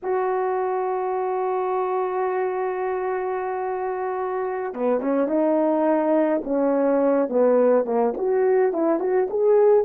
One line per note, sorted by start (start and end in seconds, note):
0.02 4.73 F#4
4.73 5.00 B3
5.00 5.27 C#4
5.27 6.42 D#4
6.44 7.29 C#4
7.29 7.85 B3
7.85 8.14 A#3
8.17 8.72 F#4
8.72 8.99 E4
8.99 9.28 F#4
9.29 9.84 G#4